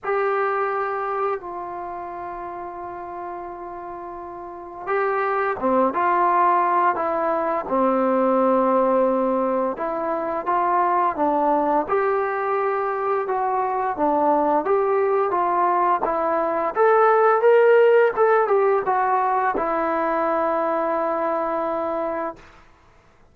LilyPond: \new Staff \with { instrumentName = "trombone" } { \time 4/4 \tempo 4 = 86 g'2 f'2~ | f'2. g'4 | c'8 f'4. e'4 c'4~ | c'2 e'4 f'4 |
d'4 g'2 fis'4 | d'4 g'4 f'4 e'4 | a'4 ais'4 a'8 g'8 fis'4 | e'1 | }